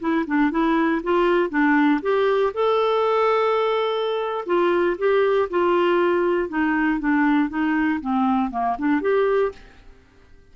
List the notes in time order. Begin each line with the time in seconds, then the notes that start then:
0.00 E4
0.27 D4
0.51 E4
1.03 F4
1.50 D4
2.02 G4
2.54 A4
4.46 F4
4.98 G4
5.50 F4
6.49 D#4
7.00 D4
7.49 D#4
8.01 C4
8.51 A#3
8.79 D4
9.01 G4